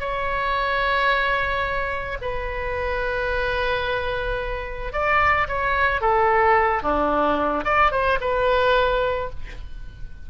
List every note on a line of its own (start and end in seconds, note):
0.00 2.18 C#5
2.21 4.93 B4
4.93 5.47 D5
5.48 6.01 C#5
6.01 6.83 A4
6.83 7.65 D4
7.65 7.92 D5
7.92 8.19 C5
8.21 9.30 B4